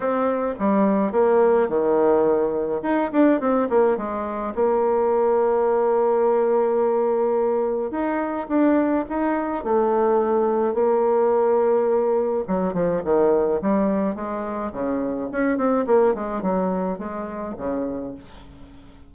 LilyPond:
\new Staff \with { instrumentName = "bassoon" } { \time 4/4 \tempo 4 = 106 c'4 g4 ais4 dis4~ | dis4 dis'8 d'8 c'8 ais8 gis4 | ais1~ | ais2 dis'4 d'4 |
dis'4 a2 ais4~ | ais2 fis8 f8 dis4 | g4 gis4 cis4 cis'8 c'8 | ais8 gis8 fis4 gis4 cis4 | }